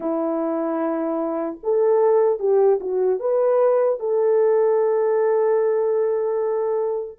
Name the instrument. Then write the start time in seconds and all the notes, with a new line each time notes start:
horn
0.00 E4
1.63 A4
2.39 G4
2.80 F#4
3.19 B4
3.99 A4